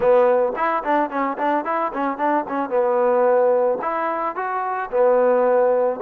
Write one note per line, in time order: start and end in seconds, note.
0.00 0.53 B3
0.56 0.83 E4
0.83 1.09 D4
1.09 1.37 C#4
1.38 1.64 D4
1.64 1.92 E4
1.93 2.17 C#4
2.17 2.44 D4
2.48 2.69 C#4
2.69 3.78 B3
3.81 4.35 E4
4.35 4.90 F#4
4.91 6.00 B3